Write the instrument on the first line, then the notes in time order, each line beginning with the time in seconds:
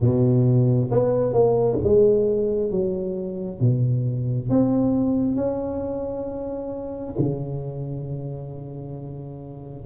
tuba
0.00 B2
0.91 B3
1.33 A#3
1.83 G#3
2.70 F#3
3.59 B2
4.49 C4
5.35 C#4
7.18 C#3